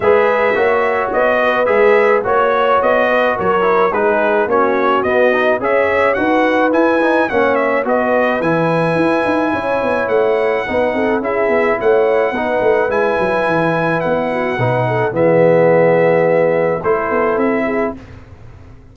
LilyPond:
<<
  \new Staff \with { instrumentName = "trumpet" } { \time 4/4 \tempo 4 = 107 e''2 dis''4 e''4 | cis''4 dis''4 cis''4 b'4 | cis''4 dis''4 e''4 fis''4 | gis''4 fis''8 e''8 dis''4 gis''4~ |
gis''2 fis''2 | e''4 fis''2 gis''4~ | gis''4 fis''2 e''4~ | e''2 c''4 e''4 | }
  \new Staff \with { instrumentName = "horn" } { \time 4/4 b'4 cis''4. b'4. | cis''4. b'8 ais'4 gis'4 | fis'2 cis''4 b'4~ | b'4 cis''4 b'2~ |
b'4 cis''2 b'8 a'8 | gis'4 cis''4 b'2~ | b'4. fis'8 b'8 a'8 gis'4~ | gis'2 a'4. gis'8 | }
  \new Staff \with { instrumentName = "trombone" } { \time 4/4 gis'4 fis'2 gis'4 | fis'2~ fis'8 e'8 dis'4 | cis'4 b8 dis'8 gis'4 fis'4 | e'8 dis'8 cis'4 fis'4 e'4~ |
e'2. dis'4 | e'2 dis'4 e'4~ | e'2 dis'4 b4~ | b2 e'2 | }
  \new Staff \with { instrumentName = "tuba" } { \time 4/4 gis4 ais4 b4 gis4 | ais4 b4 fis4 gis4 | ais4 b4 cis'4 dis'4 | e'4 ais4 b4 e4 |
e'8 dis'8 cis'8 b8 a4 b8 c'8 | cis'8 b8 a4 b8 a8 gis8 fis8 | e4 b4 b,4 e4~ | e2 a8 b8 c'4 | }
>>